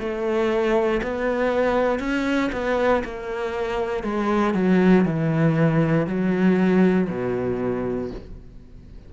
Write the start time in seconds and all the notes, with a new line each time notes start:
0.00 A3
1.03 B3
2.00 C#4
2.53 B3
3.05 A#3
4.04 G#3
4.54 F#3
5.06 E3
6.07 F#3
7.10 B2